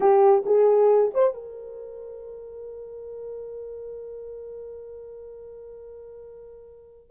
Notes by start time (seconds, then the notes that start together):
0.00 G4
0.45 G#4
1.14 C5
1.33 A#4